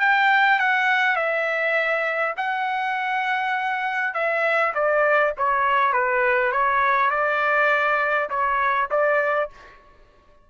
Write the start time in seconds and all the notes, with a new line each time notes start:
0.00 G5
0.59 F#5
1.16 E5
2.37 F#5
4.14 E5
4.74 D5
5.38 C#5
5.93 B4
6.52 C#5
7.11 D5
8.30 C#5
8.91 D5